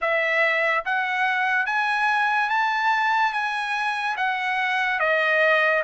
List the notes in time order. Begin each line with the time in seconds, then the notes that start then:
0.01 E5
0.85 F#5
1.66 G#5
2.49 A5
3.33 G#5
4.17 F#5
4.99 D#5